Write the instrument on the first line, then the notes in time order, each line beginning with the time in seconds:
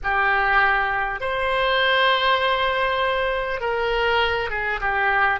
oboe
0.03 G4
1.20 C5
3.60 A#4
4.50 G#4
4.80 G4